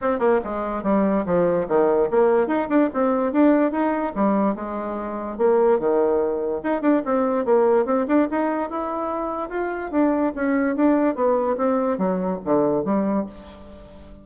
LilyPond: \new Staff \with { instrumentName = "bassoon" } { \time 4/4 \tempo 4 = 145 c'8 ais8 gis4 g4 f4 | dis4 ais4 dis'8 d'8 c'4 | d'4 dis'4 g4 gis4~ | gis4 ais4 dis2 |
dis'8 d'8 c'4 ais4 c'8 d'8 | dis'4 e'2 f'4 | d'4 cis'4 d'4 b4 | c'4 fis4 d4 g4 | }